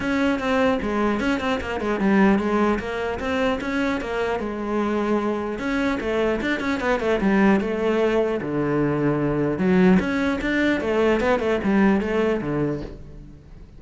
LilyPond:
\new Staff \with { instrumentName = "cello" } { \time 4/4 \tempo 4 = 150 cis'4 c'4 gis4 cis'8 c'8 | ais8 gis8 g4 gis4 ais4 | c'4 cis'4 ais4 gis4~ | gis2 cis'4 a4 |
d'8 cis'8 b8 a8 g4 a4~ | a4 d2. | fis4 cis'4 d'4 a4 | b8 a8 g4 a4 d4 | }